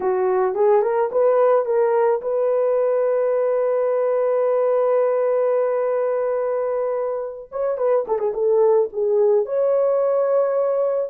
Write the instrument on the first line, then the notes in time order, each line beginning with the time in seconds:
horn
0.00 F#4
0.55 G#4
0.82 A#4
1.11 B4
1.65 A#4
2.21 B4
7.52 C#5
7.77 B4
8.07 A4
8.18 G#4
8.33 A4
8.92 G#4
9.45 C#5